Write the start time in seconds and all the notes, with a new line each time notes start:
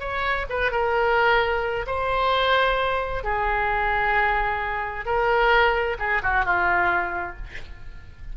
0.00 C#5
0.50 B4
0.72 A#4
1.87 C5
3.24 G#4
5.05 A#4
5.99 G#4
6.23 F#4
6.45 F4